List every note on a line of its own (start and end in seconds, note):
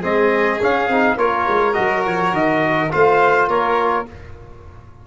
0.00 0.61 G#3
0.00 0.59 C4
0.00 1.15 G#4
0.00 0.61 D#5
0.61 0.90 C#4
0.61 0.88 C#4
0.61 1.18 F5
0.88 1.17 C4
0.88 1.18 D#4
1.17 1.45 A#3
1.17 1.74 F4
1.17 2.92 A#4
1.17 1.73 C#5
1.48 1.77 G#3
1.73 2.06 F#3
1.73 2.89 F#4
1.73 2.02 D#5
2.06 2.32 F3
2.06 2.34 C#5
2.32 2.90 D#3
2.32 2.92 D#5
2.91 3.48 A3
2.91 4.06 F4
2.91 3.48 C5
2.91 3.49 F5
3.48 4.06 A#3
3.48 4.06 A#4
3.48 4.07 C#5